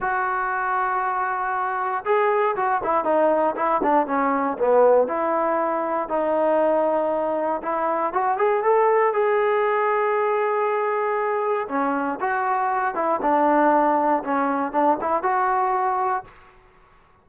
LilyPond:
\new Staff \with { instrumentName = "trombone" } { \time 4/4 \tempo 4 = 118 fis'1 | gis'4 fis'8 e'8 dis'4 e'8 d'8 | cis'4 b4 e'2 | dis'2. e'4 |
fis'8 gis'8 a'4 gis'2~ | gis'2. cis'4 | fis'4. e'8 d'2 | cis'4 d'8 e'8 fis'2 | }